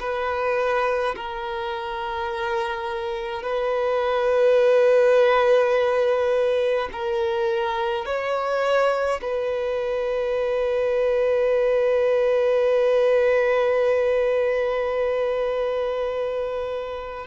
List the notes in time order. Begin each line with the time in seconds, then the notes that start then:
0.00 B4
1.16 A#4
3.43 B4
6.92 A#4
8.06 C#5
9.22 B4